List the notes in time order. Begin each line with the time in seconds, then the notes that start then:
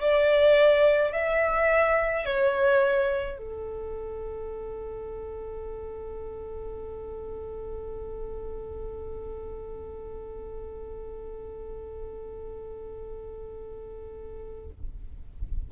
0.00 D5
1.12 E5
2.25 C#5
3.38 A4